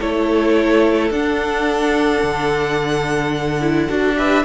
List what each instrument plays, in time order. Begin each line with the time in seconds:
0.00 cello A3, viola E4, violin A4 C#5
1.10 cello D4, viola D4, violin F#5
2.22 cello D3
3.61 viola E4
3.88 cello D4, viola F#4
4.16 viola G4, violin B4 E5